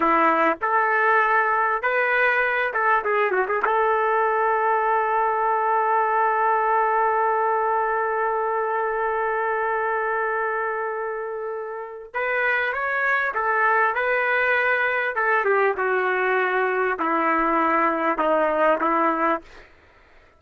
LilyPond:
\new Staff \with { instrumentName = "trumpet" } { \time 4/4 \tempo 4 = 99 e'4 a'2 b'4~ | b'8 a'8 gis'8 fis'16 gis'16 a'2~ | a'1~ | a'1~ |
a'1 | b'4 cis''4 a'4 b'4~ | b'4 a'8 g'8 fis'2 | e'2 dis'4 e'4 | }